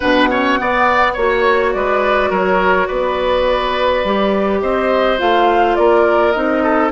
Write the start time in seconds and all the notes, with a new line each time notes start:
0.00 B2 D4 B4 F#5
0.29 C#4 C#5
0.58 B3 D5
1.13 A#3 F#4 C#5
1.73 G#3 B4 D5
2.30 F#3 A#4 C#5
2.86 B3 B4 D5
4.04 G3 G4
4.61 C4 C5 D#5
5.18 A3 F4 F5
5.75 A#3 A#4 D5
6.31 C4 D#4 D#5
6.63 A4